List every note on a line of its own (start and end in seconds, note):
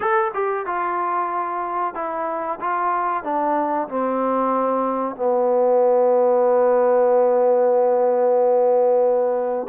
0.00 0.31 A4
0.34 0.66 G4
0.66 1.94 F4
1.94 2.59 E4
2.60 3.23 F4
3.23 3.88 D4
3.88 5.15 C4
5.15 9.67 B3